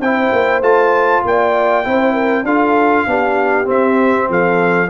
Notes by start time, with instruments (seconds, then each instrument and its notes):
0.00 tuba C4, trombone E4, horn C5, trumpet G5
0.32 tuba A#3
0.61 tuba A3, trombone F4, trumpet A5
1.24 tuba A#3, horn D5, trumpet G5
1.84 tuba C4, trombone E4, horn C5
2.13 horn A#4
2.43 tuba D4, trombone F4, horn A4, trumpet F5
3.06 tuba B3, trombone D4, horn G4
3.65 trombone C4, tuba C4, trumpet E5
4.29 tuba F3, horn A4, trumpet F5